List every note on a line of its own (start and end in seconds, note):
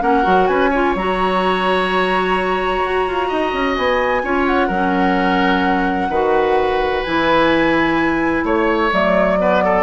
0.00 0.25 A#3
0.00 0.23 C#4
0.00 0.49 A#4
0.00 0.47 F#5
0.23 0.49 F#3
0.23 0.70 F#4
0.47 0.95 C#4
0.47 0.70 B4
0.47 0.94 G#5
0.70 0.97 F4
0.70 3.28 C#5
0.95 2.82 F#3
0.95 4.24 F#4
0.95 3.76 A#5
2.85 3.07 F#4
3.07 3.31 F4
3.28 3.53 D#4
3.28 4.22 D#5
3.53 3.77 C#4
3.76 4.23 B3
3.76 4.46 G#5
4.23 4.69 C#4
4.23 4.71 F4
4.23 4.68 C#5
4.46 7.04 F#5
4.68 6.09 F#3
4.68 6.12 C#4
4.68 6.08 A#4
6.09 7.03 D#3
6.09 7.06 F#4
6.09 8.44 B4
7.04 8.44 E3
7.04 8.91 E4
7.04 8.44 G#5
8.44 8.91 A3
8.44 9.39 C#5
8.44 8.93 C#5
8.91 9.83 F#3
8.91 9.38 A3
8.91 9.83 D5
9.38 9.83 B3
9.38 9.64 B4
9.64 9.83 A4